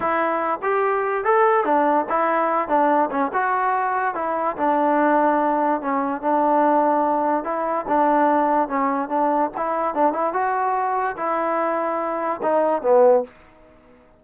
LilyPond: \new Staff \with { instrumentName = "trombone" } { \time 4/4 \tempo 4 = 145 e'4. g'4. a'4 | d'4 e'4. d'4 cis'8 | fis'2 e'4 d'4~ | d'2 cis'4 d'4~ |
d'2 e'4 d'4~ | d'4 cis'4 d'4 e'4 | d'8 e'8 fis'2 e'4~ | e'2 dis'4 b4 | }